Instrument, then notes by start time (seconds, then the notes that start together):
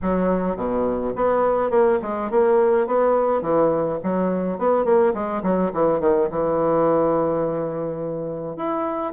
bassoon
0.02 F#3
0.56 B2
1.15 B3
1.70 A#3
2.02 G#3
2.30 A#3
2.86 B3
3.41 E3
4.03 F#3
4.58 B3
4.84 A#3
5.14 G#3
5.43 F#3
5.73 E3
5.99 D#3
6.30 E3
8.56 E4